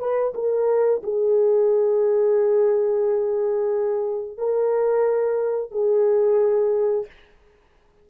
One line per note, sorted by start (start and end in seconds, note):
0.00 0.34 B4
0.35 1.02 A#4
1.04 4.38 G#4
4.38 5.72 A#4
5.72 7.06 G#4